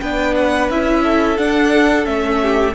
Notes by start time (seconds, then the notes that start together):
0.00 B3 D4 B4 G5
0.36 F#5
0.69 C#4 E4 E5
1.03 A4
1.37 D4 F#5
2.04 A3 C#4 E5
2.42 G4